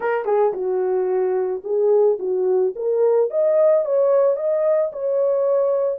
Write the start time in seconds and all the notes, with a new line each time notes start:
0.00 A#4
0.25 G#4
0.53 F#4
1.64 G#4
2.19 F#4
2.75 A#4
3.30 D#5
3.85 C#5
4.36 D#5
4.92 C#5